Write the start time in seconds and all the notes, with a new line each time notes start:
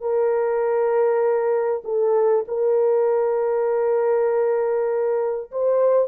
0.00 A#4
1.84 A4
2.48 A#4
5.51 C5